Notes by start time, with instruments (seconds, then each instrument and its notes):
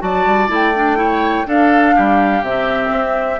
0.00 bassoon F#3, clarinet F#4, oboe D5, flute A5
0.25 bassoon G3
0.48 bassoon A3, clarinet E4, flute G5
0.76 clarinet D4
0.96 clarinet E4, oboe C#5
1.45 clarinet D4, bassoon D4, oboe A4, flute F5
1.95 bassoon G3, oboe G4
2.42 bassoon C3, clarinet C4, flute E5
2.91 bassoon C4